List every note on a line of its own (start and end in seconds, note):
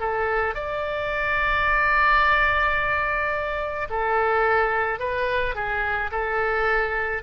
0.00 0.55 A4
0.55 3.88 D5
3.90 4.99 A4
4.99 5.55 B4
5.55 6.11 G#4
6.12 7.23 A4